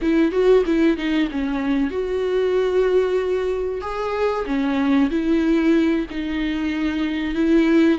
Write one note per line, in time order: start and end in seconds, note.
0.01 0.31 E4
0.31 0.63 F#4
0.66 0.97 E4
0.97 1.29 D#4
1.31 1.90 C#4
1.90 3.81 F#4
3.81 4.45 G#4
4.46 5.09 C#4
5.10 6.06 E4
6.10 7.35 D#4
7.35 7.98 E4